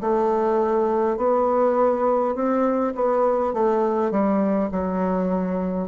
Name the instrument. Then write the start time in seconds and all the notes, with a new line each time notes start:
bassoon
0.00 A3
1.17 B3
2.35 C4
2.95 B3
3.53 A3
4.11 G3
4.71 F#3